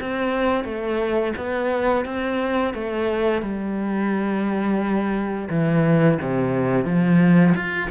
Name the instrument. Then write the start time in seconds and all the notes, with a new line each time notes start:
cello
0.00 C4
0.64 A3
1.37 B3
2.05 C4
2.74 A3
3.42 G3
5.49 E3
6.21 C3
6.85 F3
7.55 F4